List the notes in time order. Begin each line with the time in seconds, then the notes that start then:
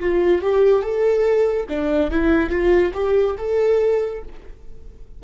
0.00 F4
0.42 G4
0.83 A4
1.70 D4
2.11 E4
2.50 F4
2.94 G4
3.38 A4